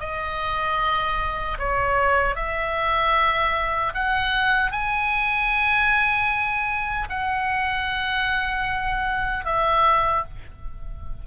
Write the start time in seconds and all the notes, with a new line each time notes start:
0.00 D#5
1.59 C#5
2.35 E5
3.94 F#5
4.72 G#5
7.10 F#5
9.45 E5